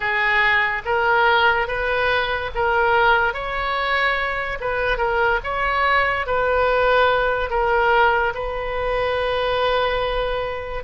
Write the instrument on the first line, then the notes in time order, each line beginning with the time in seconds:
oboe
0.00 G#4
0.85 A#4
1.67 B4
2.55 A#4
3.33 C#5
4.60 B4
4.97 A#4
5.43 C#5
6.26 B4
7.50 A#4
8.34 B4